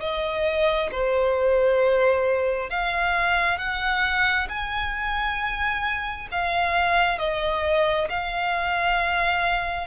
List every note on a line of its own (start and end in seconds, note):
0.00 0.90 D#5
0.92 2.70 C5
2.70 3.58 F5
3.58 4.48 F#5
4.49 6.28 G#5
6.32 7.18 F5
7.18 8.08 D#5
8.09 9.87 F5